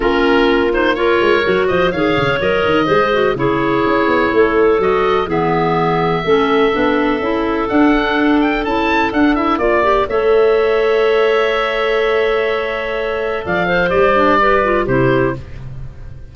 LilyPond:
<<
  \new Staff \with { instrumentName = "oboe" } { \time 4/4 \tempo 4 = 125 ais'4. c''8 cis''4. dis''8 | f''4 dis''2 cis''4~ | cis''2 dis''4 e''4~ | e''1 |
fis''4. g''8 a''4 fis''8 e''8 | d''4 e''2.~ | e''1 | f''4 d''2 c''4 | }
  \new Staff \with { instrumentName = "clarinet" } { \time 4/4 f'2 ais'4. c''8 | cis''2 c''4 gis'4~ | gis'4 a'2 gis'4~ | gis'4 a'2.~ |
a'1 | d''4 cis''2.~ | cis''1 | d''8 c''4. b'4 g'4 | }
  \new Staff \with { instrumentName = "clarinet" } { \time 4/4 cis'4. dis'8 f'4 fis'4 | gis'4 ais'4 gis'8 fis'8 e'4~ | e'2 fis'4 b4~ | b4 cis'4 d'4 e'4 |
d'2 e'4 d'8 e'8 | f'8 g'8 a'2.~ | a'1~ | a'4 g'8 d'8 g'8 f'8 e'4 | }
  \new Staff \with { instrumentName = "tuba" } { \time 4/4 ais2~ ais8 gis8 fis8 f8 | dis8 cis8 fis8 dis8 gis4 cis4 | cis'8 b8 a4 fis4 e4~ | e4 a4 b4 cis'4 |
d'2 cis'4 d'4 | ais4 a2.~ | a1 | f4 g2 c4 | }
>>